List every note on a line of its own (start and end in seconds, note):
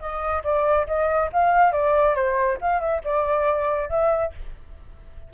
0.00 0.43 D#5
0.44 0.87 D5
0.87 1.30 D#5
1.32 1.72 F5
1.72 2.15 D5
2.15 2.58 C5
2.61 2.80 F5
2.80 3.02 E5
3.04 3.89 D5
3.89 4.32 E5